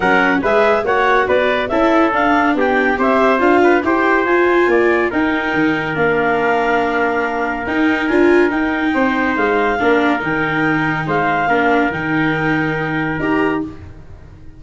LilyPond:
<<
  \new Staff \with { instrumentName = "clarinet" } { \time 4/4 \tempo 4 = 141 fis''4 e''4 fis''4 d''4 | e''4 f''4 g''4 e''4 | f''4 g''4 gis''2 | g''2 f''2~ |
f''2 g''4 gis''4 | g''2 f''2 | g''2 f''2 | g''2. ais''4 | }
  \new Staff \with { instrumentName = "trumpet" } { \time 4/4 ais'4 b'4 cis''4 b'4 | a'2 g'4 c''4~ | c''8 b'8 c''2 d''4 | ais'1~ |
ais'1~ | ais'4 c''2 ais'4~ | ais'2 c''4 ais'4~ | ais'1 | }
  \new Staff \with { instrumentName = "viola" } { \time 4/4 cis'4 gis'4 fis'2 | e'4 d'2 g'4 | f'4 g'4 f'2 | dis'2 d'2~ |
d'2 dis'4 f'4 | dis'2. d'4 | dis'2. d'4 | dis'2. g'4 | }
  \new Staff \with { instrumentName = "tuba" } { \time 4/4 fis4 gis4 ais4 b4 | cis'4 d'4 b4 c'4 | d'4 e'4 f'4 ais4 | dis'4 dis4 ais2~ |
ais2 dis'4 d'4 | dis'4 c'4 gis4 ais4 | dis2 gis4 ais4 | dis2. dis'4 | }
>>